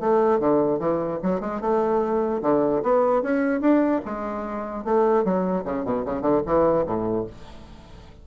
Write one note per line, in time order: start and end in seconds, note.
0.00 0.40 A3
0.40 0.79 D3
0.79 1.19 E3
1.23 1.40 F#3
1.40 1.61 G#3
1.61 2.41 A3
2.42 2.82 D3
2.83 3.22 B3
3.22 3.61 C#4
3.61 4.01 D4
4.05 4.84 G#3
4.84 5.24 A3
5.24 5.64 F#3
5.64 5.85 C#3
5.85 6.05 B2
6.05 6.21 C#3
6.21 6.41 D3
6.46 6.86 E3
6.86 7.26 A2